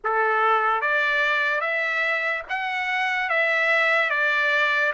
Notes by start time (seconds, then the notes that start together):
0.04 A4
0.81 D5
1.60 E5
2.49 F#5
3.29 E5
4.10 D5